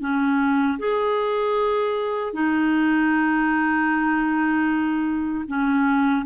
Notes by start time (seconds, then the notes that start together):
0.00 C#4
0.79 G#4
2.33 D#4
5.47 C#4